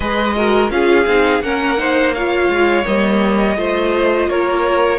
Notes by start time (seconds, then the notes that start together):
0.00 G#3 G#4 B4 D#5
0.36 F#4 A#4
0.70 C#4 F4 G#4 F5
1.06 C4 D#4
1.41 A#3 C#4 A#4 F#5
1.77 D#4 C5
2.14 F4 C#5 F5
2.49 G#3
2.84 G3 A#3 D#5
3.56 A3 F4 C5
4.27 A#3 A#4 C#5